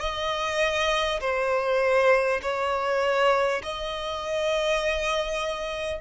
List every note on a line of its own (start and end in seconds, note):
0.00 1.20 D#5
1.21 2.41 C5
2.42 3.62 C#5
3.63 6.01 D#5